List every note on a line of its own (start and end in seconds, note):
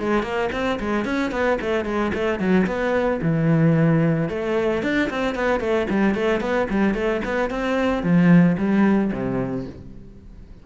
0.00 0.23 G#3
0.23 0.50 A#3
0.52 0.79 C4
0.80 1.05 G#3
1.05 1.32 C#4
1.32 1.59 B3
1.61 1.86 A3
1.86 2.12 G#3
2.15 2.40 A3
2.40 2.66 F#3
2.67 3.20 B3
3.22 4.29 E3
4.30 4.83 A3
4.83 5.10 D4
5.10 5.35 C4
5.35 5.61 B3
5.61 5.88 A3
5.90 6.15 G3
6.15 6.41 A3
6.41 6.68 B3
6.70 6.94 G3
6.94 7.21 A3
7.25 7.50 B3
7.50 8.03 C4
8.03 8.57 F3
8.58 9.12 G3
9.13 9.67 C3